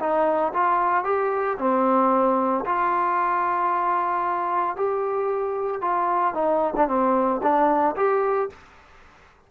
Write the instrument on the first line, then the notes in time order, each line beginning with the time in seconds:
trombone
0.00 D#4
0.54 F4
1.05 G4
1.59 C4
2.66 F4
4.77 G4
5.82 F4
6.35 D#4
6.76 D4
6.88 C4
7.43 D4
7.96 G4